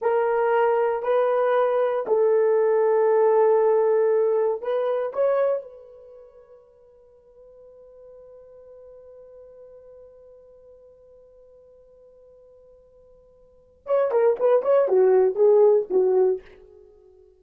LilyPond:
\new Staff \with { instrumentName = "horn" } { \time 4/4 \tempo 4 = 117 ais'2 b'2 | a'1~ | a'4 b'4 cis''4 b'4~ | b'1~ |
b'1~ | b'1~ | b'2. cis''8 ais'8 | b'8 cis''8 fis'4 gis'4 fis'4 | }